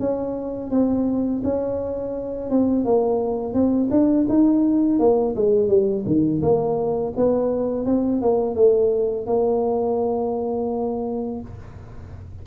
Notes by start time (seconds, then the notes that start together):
0.00 C#4
0.71 C4
1.44 C#4
2.50 C4
2.85 A#3
3.54 C4
3.91 D4
4.29 D#4
5.00 A#3
5.36 G#3
5.69 G3
6.06 D#3
6.43 A#3
7.17 B3
7.86 C4
8.22 A#3
8.56 A3
9.27 A#3